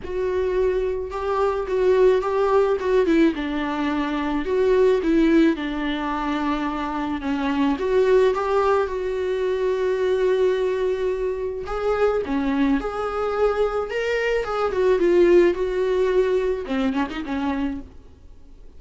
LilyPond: \new Staff \with { instrumentName = "viola" } { \time 4/4 \tempo 4 = 108 fis'2 g'4 fis'4 | g'4 fis'8 e'8 d'2 | fis'4 e'4 d'2~ | d'4 cis'4 fis'4 g'4 |
fis'1~ | fis'4 gis'4 cis'4 gis'4~ | gis'4 ais'4 gis'8 fis'8 f'4 | fis'2 c'8 cis'16 dis'16 cis'4 | }